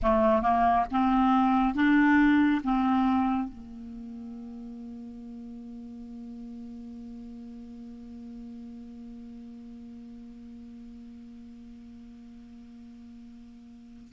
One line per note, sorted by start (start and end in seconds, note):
0.02 0.42 A3
0.42 0.85 A#3
0.91 1.74 C4
1.74 2.61 D4
2.63 3.49 C4
3.49 14.12 A#3